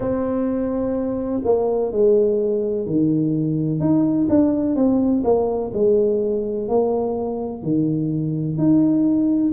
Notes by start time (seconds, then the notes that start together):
0.00 C4
1.44 A#3
1.91 G#3
2.86 D#3
3.80 D#4
4.29 D4
4.75 C4
5.23 A#3
5.73 G#3
6.68 A#3
7.62 D#3
8.57 D#4